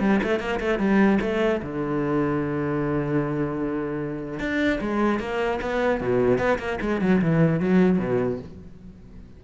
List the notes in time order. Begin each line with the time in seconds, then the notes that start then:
0.00 G3
0.23 A3
0.39 A#3
0.60 A3
0.79 G3
1.21 A3
1.62 D3
4.39 D4
4.81 G#3
5.19 A#3
5.61 B3
6.00 B2
6.38 B3
6.58 A#3
6.81 G#3
7.01 F#3
7.21 E3
7.60 F#3
7.98 B2